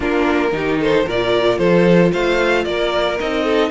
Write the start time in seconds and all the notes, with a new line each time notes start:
0.00 A#3 D4 F4 A#4
0.51 D#3 D#4 G4
0.80 A4 C5
1.05 A#2 F4 A#4 D5
1.58 F3 A4 C5
2.11 A3 C5 F5
2.64 A#3 A#4 D5
3.20 C4 D#4 D#5
3.43 A4